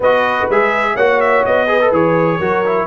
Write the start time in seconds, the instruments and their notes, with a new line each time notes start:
0.00 tuba B3, trombone F#4, horn B4, trumpet D#5
0.49 tuba G#3, trombone G#4, trumpet E5
0.94 tuba A#3, trombone F#4, horn C#5, trumpet F#5
1.20 trumpet E5
1.45 tuba B3, trumpet D#5
1.67 trombone G#4, horn B4
1.81 trombone A4
1.91 tuba E3, trombone G#4, trumpet C#5
2.38 tuba F#3, trombone F#4, horn A#4
2.65 trombone E4